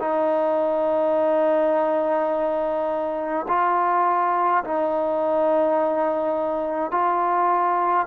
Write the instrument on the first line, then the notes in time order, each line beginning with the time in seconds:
trombone
0.00 D#4
3.48 F4
4.64 D#4
6.91 F4